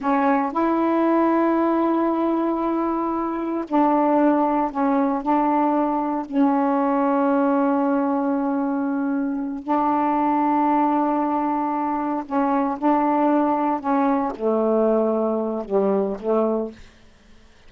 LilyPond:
\new Staff \with { instrumentName = "saxophone" } { \time 4/4 \tempo 4 = 115 cis'4 e'2.~ | e'2. d'4~ | d'4 cis'4 d'2 | cis'1~ |
cis'2~ cis'8 d'4.~ | d'2.~ d'8 cis'8~ | cis'8 d'2 cis'4 a8~ | a2 g4 a4 | }